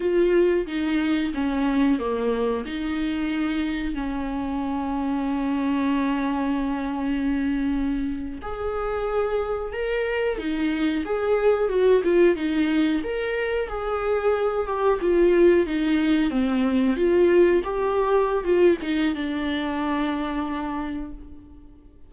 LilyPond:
\new Staff \with { instrumentName = "viola" } { \time 4/4 \tempo 4 = 91 f'4 dis'4 cis'4 ais4 | dis'2 cis'2~ | cis'1~ | cis'8. gis'2 ais'4 dis'16~ |
dis'8. gis'4 fis'8 f'8 dis'4 ais'16~ | ais'8. gis'4. g'8 f'4 dis'16~ | dis'8. c'4 f'4 g'4~ g'16 | f'8 dis'8 d'2. | }